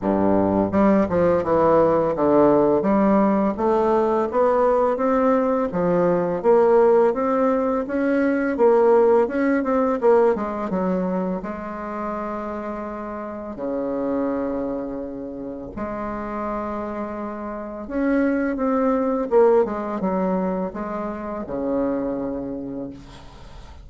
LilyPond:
\new Staff \with { instrumentName = "bassoon" } { \time 4/4 \tempo 4 = 84 g,4 g8 f8 e4 d4 | g4 a4 b4 c'4 | f4 ais4 c'4 cis'4 | ais4 cis'8 c'8 ais8 gis8 fis4 |
gis2. cis4~ | cis2 gis2~ | gis4 cis'4 c'4 ais8 gis8 | fis4 gis4 cis2 | }